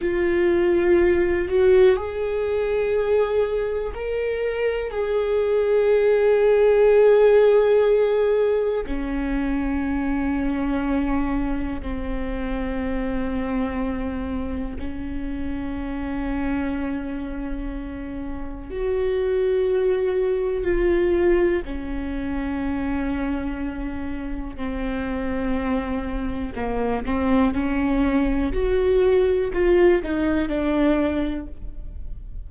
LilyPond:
\new Staff \with { instrumentName = "viola" } { \time 4/4 \tempo 4 = 61 f'4. fis'8 gis'2 | ais'4 gis'2.~ | gis'4 cis'2. | c'2. cis'4~ |
cis'2. fis'4~ | fis'4 f'4 cis'2~ | cis'4 c'2 ais8 c'8 | cis'4 fis'4 f'8 dis'8 d'4 | }